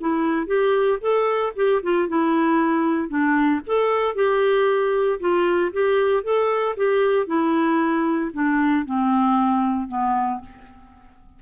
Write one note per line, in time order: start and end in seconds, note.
0.00 0.46 E4
0.46 0.99 G4
1.01 1.53 A4
1.56 1.82 G4
1.82 2.08 F4
2.08 3.08 E4
3.08 3.60 D4
3.66 4.15 A4
4.15 5.19 G4
5.20 5.72 F4
5.72 6.23 G4
6.23 6.75 A4
6.77 7.26 G4
7.26 8.31 E4
8.34 8.86 D4
8.86 9.88 C4
9.88 10.40 B3